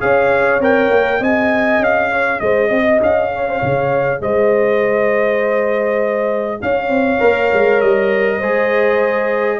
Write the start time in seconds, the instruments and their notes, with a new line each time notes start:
0.00 tuba C#4, trombone G#4, horn C#5, trumpet F5
0.59 tuba C4, trombone A#4, trumpet G5
0.90 tuba A#3
1.20 tuba C4, trombone G#4, horn D#5, trumpet G#5
1.79 tuba C#4, trumpet F5
2.11 horn C#5
2.40 tuba G#3, horn C5, trumpet D#5
2.68 tuba C4, horn D#5
3.02 tuba C#4, trumpet F5
3.33 horn C#5
3.48 horn C5
3.58 tuba C#3, horn C#5
4.20 tuba G#3, horn C5, trumpet D#5
6.62 tuba C#4, horn C#5, trumpet F5
6.89 tuba C4
7.20 tuba A#3, trombone A#4
7.53 tuba G#3
7.81 tuba G3, trumpet D#5
8.38 tuba G#3, trombone G#4, horn C5